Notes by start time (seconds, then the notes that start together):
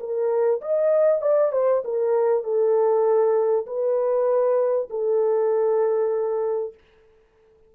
0.00 A#4
0.62 D#5
1.22 D5
1.53 C5
1.85 A#4
2.44 A4
3.67 B4
4.91 A4